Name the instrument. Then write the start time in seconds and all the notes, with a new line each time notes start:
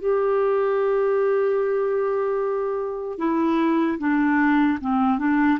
clarinet
0.00 G4
3.18 E4
3.99 D4
4.81 C4
5.19 D4